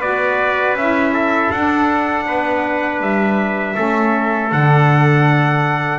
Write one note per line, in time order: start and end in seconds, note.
0.00 0.74 B3
0.00 0.77 F#4
0.00 1.12 B4
0.00 0.77 D5
0.74 1.49 C#4
0.74 1.54 E4
0.74 1.52 E5
1.14 2.26 A4
1.52 2.26 D4
1.52 3.75 D4
1.52 3.02 F#5
2.26 3.01 B3
2.26 3.76 B4
3.01 3.76 G3
3.01 4.52 E5
3.75 4.52 A3
3.75 4.50 C#4
3.75 5.99 A4
4.52 5.99 D3
4.52 5.99 D4
4.52 5.99 F#5